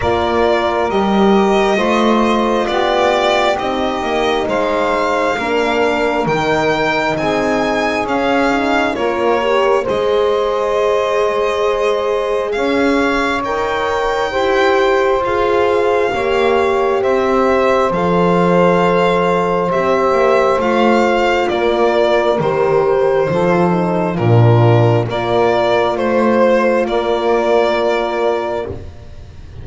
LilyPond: <<
  \new Staff \with { instrumentName = "violin" } { \time 4/4 \tempo 4 = 67 d''4 dis''2 d''4 | dis''4 f''2 g''4 | gis''4 f''4 cis''4 dis''4~ | dis''2 f''4 g''4~ |
g''4 f''2 e''4 | f''2 e''4 f''4 | d''4 c''2 ais'4 | d''4 c''4 d''2 | }
  \new Staff \with { instrumentName = "saxophone" } { \time 4/4 ais'2 c''4 g'4~ | g'4 c''4 ais'2 | gis'2 ais'4 c''4~ | c''2 cis''2 |
c''2 cis''4 c''4~ | c''1 | ais'2 a'4 f'4 | ais'4 c''4 ais'2 | }
  \new Staff \with { instrumentName = "horn" } { \time 4/4 f'4 g'4 f'2 | dis'2 d'4 dis'4~ | dis'4 cis'8 dis'8 f'8 g'8 gis'4~ | gis'2. ais'4 |
g'4 gis'4 g'2 | a'2 g'4 f'4~ | f'4 g'4 f'8 dis'8 d'4 | f'1 | }
  \new Staff \with { instrumentName = "double bass" } { \time 4/4 ais4 g4 a4 b4 | c'8 ais8 gis4 ais4 dis4 | c'4 cis'4 ais4 gis4~ | gis2 cis'4 dis'4 |
e'4 f'4 ais4 c'4 | f2 c'8 ais8 a4 | ais4 dis4 f4 ais,4 | ais4 a4 ais2 | }
>>